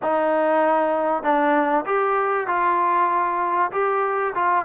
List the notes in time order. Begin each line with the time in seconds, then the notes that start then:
0.02 D#4
1.23 D4
1.85 G4
2.47 F4
3.71 G4
4.34 F4